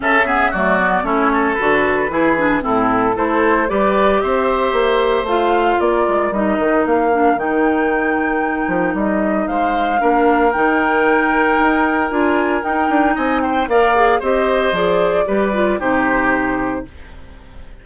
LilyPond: <<
  \new Staff \with { instrumentName = "flute" } { \time 4/4 \tempo 4 = 114 e''4 d''4 cis''4 b'4~ | b'4 a'4 c''4 d''4 | e''2 f''4 d''4 | dis''4 f''4 g''2~ |
g''4 dis''4 f''2 | g''2. gis''4 | g''4 gis''8 g''8 f''4 dis''4 | d''2 c''2 | }
  \new Staff \with { instrumentName = "oboe" } { \time 4/4 a'8 gis'8 fis'4 e'8 a'4. | gis'4 e'4 a'4 b'4 | c''2. ais'4~ | ais'1~ |
ais'2 c''4 ais'4~ | ais'1~ | ais'4 dis''8 c''8 d''4 c''4~ | c''4 b'4 g'2 | }
  \new Staff \with { instrumentName = "clarinet" } { \time 4/4 cis'8 b8 a8 b8 cis'4 fis'4 | e'8 d'8 c'4 e'4 g'4~ | g'2 f'2 | dis'4. d'8 dis'2~ |
dis'2. d'4 | dis'2. f'4 | dis'2 ais'8 gis'8 g'4 | gis'4 g'8 f'8 dis'2 | }
  \new Staff \with { instrumentName = "bassoon" } { \time 4/4 cis4 fis4 a4 d4 | e4 a,4 a4 g4 | c'4 ais4 a4 ais8 gis8 | g8 dis8 ais4 dis2~ |
dis8 f8 g4 gis4 ais4 | dis2 dis'4 d'4 | dis'8 d'8 c'4 ais4 c'4 | f4 g4 c2 | }
>>